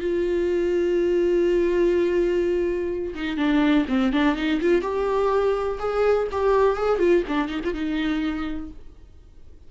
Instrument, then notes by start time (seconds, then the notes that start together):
viola
0.00 F4
3.15 D#4
3.37 D4
3.88 C4
4.13 D4
4.36 D#4
4.61 F4
4.81 G4
5.79 G#4
6.32 G4
6.76 G#4
6.99 F4
7.28 D4
7.48 D#4
7.64 F4
7.73 D#4